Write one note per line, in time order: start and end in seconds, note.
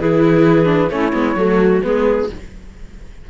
0.00 0.90 E3
0.00 0.65 E4
0.00 0.92 G#4
0.00 0.90 B4
0.65 0.88 D4
0.90 1.12 A3
0.90 1.13 C#4
0.90 1.39 E4
0.90 1.81 C#5
1.13 1.36 G#3
1.13 1.36 B3
1.36 1.81 F#3
1.36 1.83 A3
1.36 1.84 F#4
1.83 2.30 G#3
1.83 2.29 B3
1.83 2.30 G#4
1.83 2.28 B4